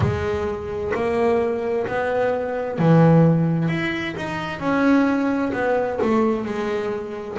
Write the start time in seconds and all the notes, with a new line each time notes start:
0.00 G#3
0.94 A#3
1.87 B3
2.78 E3
3.68 E4
4.16 D#4
4.59 C#4
5.53 B3
6.01 A3
6.45 G#3